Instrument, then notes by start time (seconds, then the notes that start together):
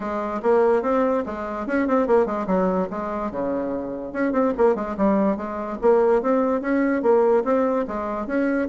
bassoon
0.00 G#3
0.42 A#3
0.82 C4
1.26 G#3
1.66 C#4
1.87 C4
2.07 A#3
2.26 G#3
2.47 F#3
2.90 G#3
3.31 C#3
4.12 C#4
4.32 C4
4.57 A#3
4.75 G#3
4.97 G3
5.36 G#3
5.81 A#3
6.22 C4
6.61 C#4
7.02 A#3
7.44 C4
7.87 G#3
8.27 C#4